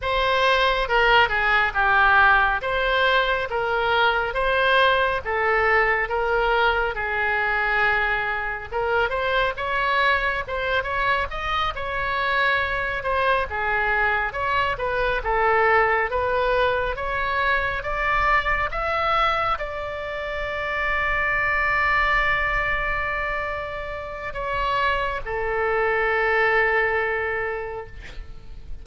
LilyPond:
\new Staff \with { instrumentName = "oboe" } { \time 4/4 \tempo 4 = 69 c''4 ais'8 gis'8 g'4 c''4 | ais'4 c''4 a'4 ais'4 | gis'2 ais'8 c''8 cis''4 | c''8 cis''8 dis''8 cis''4. c''8 gis'8~ |
gis'8 cis''8 b'8 a'4 b'4 cis''8~ | cis''8 d''4 e''4 d''4.~ | d''1 | cis''4 a'2. | }